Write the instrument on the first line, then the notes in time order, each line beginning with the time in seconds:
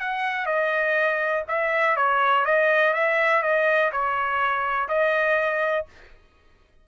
trumpet
0.00 F#5
0.46 D#5
1.48 E5
1.96 C#5
2.45 D#5
2.94 E5
3.43 D#5
3.92 C#5
4.89 D#5